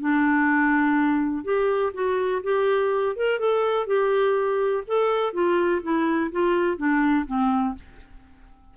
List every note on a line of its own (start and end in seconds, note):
0.00 1.44 D4
1.44 1.92 G4
1.94 2.42 F#4
2.43 3.16 G4
3.16 3.39 A#4
3.39 3.87 A4
3.87 4.83 G4
4.87 5.33 A4
5.33 5.82 F4
5.83 6.31 E4
6.32 6.77 F4
6.77 7.26 D4
7.26 7.75 C4